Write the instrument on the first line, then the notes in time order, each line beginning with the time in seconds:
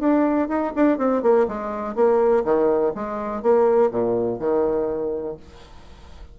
bassoon
0.00 D4
0.49 D#4
0.76 D4
0.98 C4
1.23 A#3
1.49 G#3
1.96 A#3
2.45 D#3
2.95 G#3
3.43 A#3
3.91 A#2
4.40 D#3